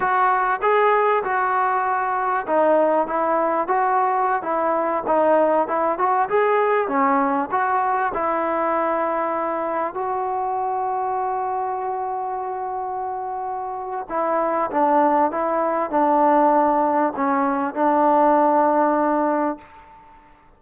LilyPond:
\new Staff \with { instrumentName = "trombone" } { \time 4/4 \tempo 4 = 98 fis'4 gis'4 fis'2 | dis'4 e'4 fis'4~ fis'16 e'8.~ | e'16 dis'4 e'8 fis'8 gis'4 cis'8.~ | cis'16 fis'4 e'2~ e'8.~ |
e'16 fis'2.~ fis'8.~ | fis'2. e'4 | d'4 e'4 d'2 | cis'4 d'2. | }